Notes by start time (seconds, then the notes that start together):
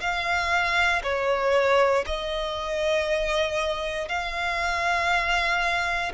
0.00 F5
1.03 C#5
2.06 D#5
4.09 F5